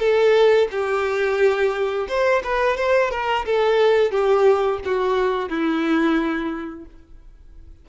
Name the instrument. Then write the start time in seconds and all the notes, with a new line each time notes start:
violin
0.00 A4
0.71 G4
2.09 C5
2.44 B4
2.77 C5
3.11 A#4
3.46 A4
4.12 G4
4.85 F#4
5.49 E4